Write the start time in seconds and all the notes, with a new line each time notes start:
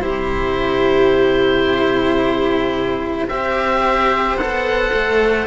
0.00 C3 E4 G4 C5
3.29 C4 G4 C5 E5
4.36 B3 A4 F#5
4.93 A3